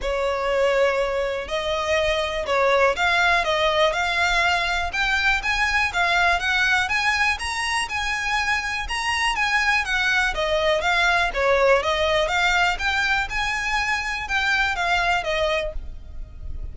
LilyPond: \new Staff \with { instrumentName = "violin" } { \time 4/4 \tempo 4 = 122 cis''2. dis''4~ | dis''4 cis''4 f''4 dis''4 | f''2 g''4 gis''4 | f''4 fis''4 gis''4 ais''4 |
gis''2 ais''4 gis''4 | fis''4 dis''4 f''4 cis''4 | dis''4 f''4 g''4 gis''4~ | gis''4 g''4 f''4 dis''4 | }